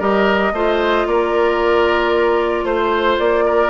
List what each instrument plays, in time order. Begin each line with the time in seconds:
0.00 bassoon G3, clarinet G4, oboe A#4, flute D#5
0.53 bassoon A3, clarinet F4, oboe C5
1.07 bassoon A#3, oboe A#4, flute D5
2.64 bassoon A3, oboe C5, flute C5
3.19 bassoon A#3, flute D5
3.46 oboe A#4